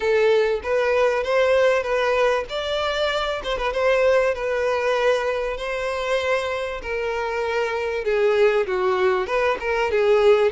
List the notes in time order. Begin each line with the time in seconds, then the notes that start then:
0.00 A4
0.63 B4
1.23 C5
1.82 B4
2.49 D5
3.43 C5
3.57 B4
3.73 C5
4.34 B4
5.57 C5
6.82 A#4
8.04 G#4
8.66 F#4
9.26 B4
9.60 A#4
9.91 G#4